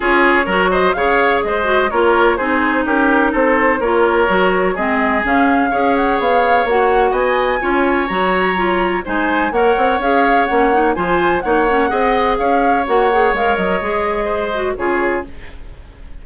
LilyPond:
<<
  \new Staff \with { instrumentName = "flute" } { \time 4/4 \tempo 4 = 126 cis''4. dis''8 f''4 dis''4 | cis''4 c''4 ais'4 c''4 | cis''2 dis''4 f''4~ | f''8 fis''8 f''4 fis''4 gis''4~ |
gis''4 ais''2 gis''4 | fis''4 f''4 fis''4 gis''4 | fis''2 f''4 fis''4 | f''8 dis''2~ dis''8 cis''4 | }
  \new Staff \with { instrumentName = "oboe" } { \time 4/4 gis'4 ais'8 c''8 cis''4 c''4 | ais'4 gis'4 g'4 a'4 | ais'2 gis'2 | cis''2. dis''4 |
cis''2. c''4 | cis''2. c''4 | cis''4 dis''4 cis''2~ | cis''2 c''4 gis'4 | }
  \new Staff \with { instrumentName = "clarinet" } { \time 4/4 f'4 fis'4 gis'4. fis'8 | f'4 dis'2. | f'4 fis'4 c'4 cis'4 | gis'2 fis'2 |
f'4 fis'4 f'4 dis'4 | ais'4 gis'4 cis'8 dis'8 f'4 | dis'8 cis'8 gis'2 fis'8 gis'8 | ais'4 gis'4. fis'8 f'4 | }
  \new Staff \with { instrumentName = "bassoon" } { \time 4/4 cis'4 fis4 cis4 gis4 | ais4 c'4 cis'4 c'4 | ais4 fis4 gis4 cis4 | cis'4 b4 ais4 b4 |
cis'4 fis2 gis4 | ais8 c'8 cis'4 ais4 f4 | ais4 c'4 cis'4 ais4 | gis8 fis8 gis2 cis4 | }
>>